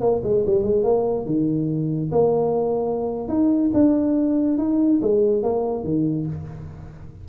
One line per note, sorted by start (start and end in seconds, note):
0.00 0.21 A#3
0.24 0.45 G#3
0.46 0.63 G3
0.63 0.84 G#3
0.84 1.25 A#3
1.25 2.10 D#3
2.11 3.28 A#3
3.28 3.71 D#4
3.74 4.58 D4
4.58 5.00 D#4
5.01 5.43 G#3
5.43 5.84 A#3
5.84 6.26 D#3